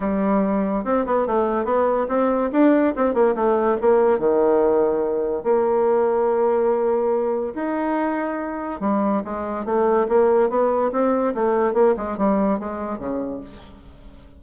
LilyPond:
\new Staff \with { instrumentName = "bassoon" } { \time 4/4 \tempo 4 = 143 g2 c'8 b8 a4 | b4 c'4 d'4 c'8 ais8 | a4 ais4 dis2~ | dis4 ais2.~ |
ais2 dis'2~ | dis'4 g4 gis4 a4 | ais4 b4 c'4 a4 | ais8 gis8 g4 gis4 cis4 | }